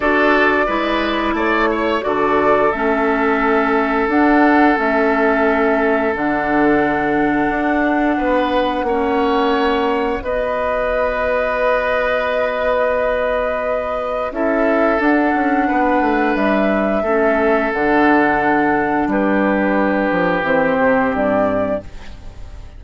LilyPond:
<<
  \new Staff \with { instrumentName = "flute" } { \time 4/4 \tempo 4 = 88 d''2 cis''4 d''4 | e''2 fis''4 e''4~ | e''4 fis''2.~ | fis''2. dis''4~ |
dis''1~ | dis''4 e''4 fis''2 | e''2 fis''2 | b'2 c''4 d''4 | }
  \new Staff \with { instrumentName = "oboe" } { \time 4/4 a'4 b'4 d''8 cis''8 a'4~ | a'1~ | a'1 | b'4 cis''2 b'4~ |
b'1~ | b'4 a'2 b'4~ | b'4 a'2. | g'1 | }
  \new Staff \with { instrumentName = "clarinet" } { \time 4/4 fis'4 e'2 fis'4 | cis'2 d'4 cis'4~ | cis'4 d'2.~ | d'4 cis'2 fis'4~ |
fis'1~ | fis'4 e'4 d'2~ | d'4 cis'4 d'2~ | d'2 c'2 | }
  \new Staff \with { instrumentName = "bassoon" } { \time 4/4 d'4 gis4 a4 d4 | a2 d'4 a4~ | a4 d2 d'4 | b4 ais2 b4~ |
b1~ | b4 cis'4 d'8 cis'8 b8 a8 | g4 a4 d2 | g4. f8 e8 c8 g,4 | }
>>